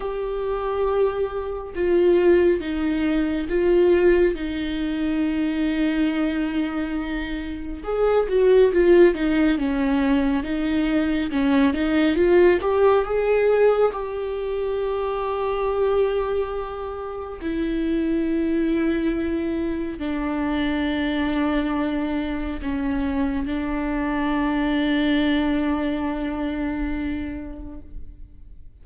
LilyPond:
\new Staff \with { instrumentName = "viola" } { \time 4/4 \tempo 4 = 69 g'2 f'4 dis'4 | f'4 dis'2.~ | dis'4 gis'8 fis'8 f'8 dis'8 cis'4 | dis'4 cis'8 dis'8 f'8 g'8 gis'4 |
g'1 | e'2. d'4~ | d'2 cis'4 d'4~ | d'1 | }